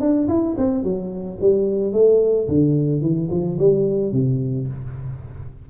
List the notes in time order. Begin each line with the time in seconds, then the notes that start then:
0.00 D4
0.28 E4
0.57 C4
0.83 F#3
1.41 G3
1.93 A3
2.48 D3
3.01 E3
3.31 F3
3.59 G3
4.12 C3